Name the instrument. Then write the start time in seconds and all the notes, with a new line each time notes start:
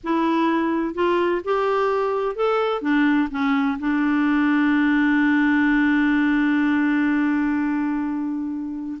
clarinet
0.03 E4
0.94 F4
1.44 G4
2.35 A4
2.81 D4
3.30 C#4
3.79 D4